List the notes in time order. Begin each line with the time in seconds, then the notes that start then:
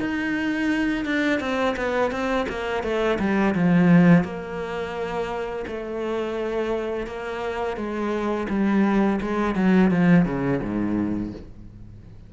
0.00 D#4
1.05 D4
1.40 C4
1.76 B3
2.11 C4
2.49 A#3
2.83 A3
3.19 G3
3.55 F3
4.24 A#3
5.68 A3
7.07 A#3
7.77 G#3
8.49 G3
9.21 G#3
9.56 F#3
9.91 F3
10.25 C#3
10.62 G#2